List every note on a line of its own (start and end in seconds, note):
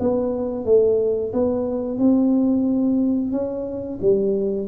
0.00 0.65 B3
0.65 1.33 A3
1.33 1.98 B3
1.98 3.32 C4
3.32 3.99 C#4
4.01 4.68 G3